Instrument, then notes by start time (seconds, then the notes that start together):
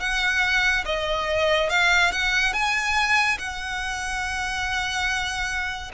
violin
0.00 F#5
0.85 D#5
1.70 F5
2.12 F#5
2.54 G#5
3.38 F#5